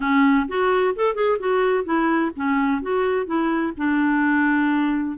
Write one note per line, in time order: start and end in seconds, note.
0.00 0.47 C#4
0.48 0.95 F#4
0.95 1.14 A4
1.14 1.38 G#4
1.39 1.84 F#4
1.84 2.31 E4
2.36 2.82 C#4
2.82 3.26 F#4
3.26 3.73 E4
3.77 5.17 D4